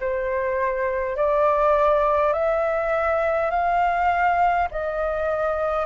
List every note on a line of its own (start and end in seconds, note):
0.00 1.16 C5
1.16 2.33 D5
2.33 3.51 E5
3.51 4.68 F5
4.71 5.86 D#5